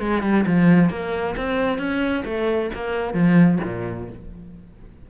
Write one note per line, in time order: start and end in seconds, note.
0.00 0.23 G#3
0.23 0.45 G3
0.47 0.90 F3
0.90 1.36 A#3
1.37 1.79 C4
1.79 2.24 C#4
2.25 2.71 A3
2.74 3.14 A#3
3.14 3.60 F3
3.64 4.10 A#2